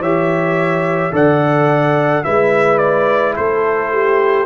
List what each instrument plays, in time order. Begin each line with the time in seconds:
0.00 tuba E3, trombone G4, horn C#5, trumpet E5
1.12 tuba D3, trombone A4, horn D5, trumpet F#5
2.24 tuba G#3, trombone E4, horn B4, trumpet E5
2.78 trumpet D5
3.36 tuba A3, horn A4, trumpet C5
3.92 horn G4